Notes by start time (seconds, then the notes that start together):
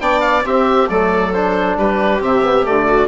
0.00 B3 D4 D5 G5
0.20 F5
0.43 C4 G4 E5
0.88 F#3 A3 A4 D5
1.33 D4 C5
1.76 G3 G4 B4
2.20 C3 C4 E5
2.43 B3
2.63 D3 A3 D5
2.86 F#4